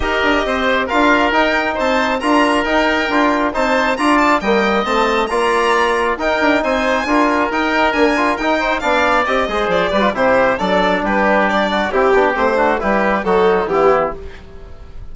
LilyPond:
<<
  \new Staff \with { instrumentName = "violin" } { \time 4/4 \tempo 4 = 136 dis''2 f''4 g''4 | a''4 ais''4 g''2 | a''4 ais''8 a''8 g''4 a''4 | ais''2 g''4 gis''4~ |
gis''4 g''4 gis''4 g''4 | f''4 dis''4 d''4 c''4 | d''4 b'4 d''4 g'4 | c''4 b'4 a'4 g'4 | }
  \new Staff \with { instrumentName = "oboe" } { \time 4/4 ais'4 c''4 ais'2 | c''4 ais'2. | c''4 d''4 dis''2 | d''2 ais'4 c''4 |
ais'2.~ ais'8 c''8 | d''4. c''4 b'8 g'4 | a'4 g'4. fis'8 g'4~ | g'8 fis'8 g'4 dis'4 e'4 | }
  \new Staff \with { instrumentName = "trombone" } { \time 4/4 g'2 f'4 dis'4~ | dis'4 f'4 dis'4 f'4 | dis'4 f'4 ais4 c'4 | f'2 dis'2 |
f'4 dis'4 ais8 f'8 dis'4 | d'4 g'8 gis'4 g'16 f'16 e'4 | d'2. e'8 d'8 | c'8 d'8 e'4 fis'4 b4 | }
  \new Staff \with { instrumentName = "bassoon" } { \time 4/4 dis'8 d'8 c'4 d'4 dis'4 | c'4 d'4 dis'4 d'4 | c'4 d'4 g4 a4 | ais2 dis'8 d'8 c'4 |
d'4 dis'4 d'4 dis'4 | b4 c'8 gis8 f8 g8 c4 | fis4 g2 c'8 b8 | a4 g4 fis4 e4 | }
>>